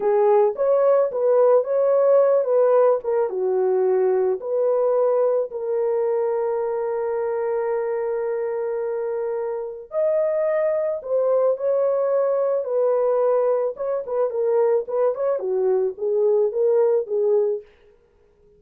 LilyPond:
\new Staff \with { instrumentName = "horn" } { \time 4/4 \tempo 4 = 109 gis'4 cis''4 b'4 cis''4~ | cis''8 b'4 ais'8 fis'2 | b'2 ais'2~ | ais'1~ |
ais'2 dis''2 | c''4 cis''2 b'4~ | b'4 cis''8 b'8 ais'4 b'8 cis''8 | fis'4 gis'4 ais'4 gis'4 | }